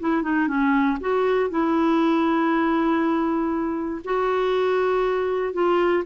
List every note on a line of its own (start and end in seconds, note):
0.00 0.22 E4
0.22 0.48 D#4
0.48 0.98 C#4
1.01 1.50 F#4
1.50 4.02 E4
4.04 5.53 F#4
5.53 6.04 F4